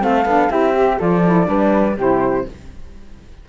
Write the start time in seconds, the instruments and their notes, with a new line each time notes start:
0.00 cello A3, saxophone C4, flute A4 F5
0.25 cello B3, saxophone D4
0.50 cello C4, saxophone E4, flute G4 E5
0.75 saxophone G4
0.97 cello F3, saxophone F4, flute A4 D5
1.25 saxophone E4
1.45 cello G3, saxophone D4, flute B4
1.96 cello C3, saxophone E4, flute G4 C5